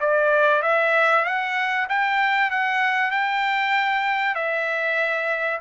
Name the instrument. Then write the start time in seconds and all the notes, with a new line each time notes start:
trumpet
0.00 D5
0.62 E5
1.24 F#5
1.89 G5
2.50 F#5
3.11 G5
4.35 E5